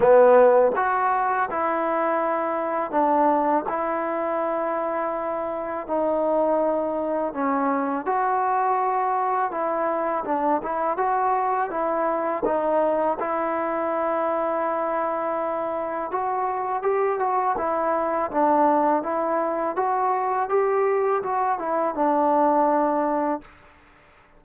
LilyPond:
\new Staff \with { instrumentName = "trombone" } { \time 4/4 \tempo 4 = 82 b4 fis'4 e'2 | d'4 e'2. | dis'2 cis'4 fis'4~ | fis'4 e'4 d'8 e'8 fis'4 |
e'4 dis'4 e'2~ | e'2 fis'4 g'8 fis'8 | e'4 d'4 e'4 fis'4 | g'4 fis'8 e'8 d'2 | }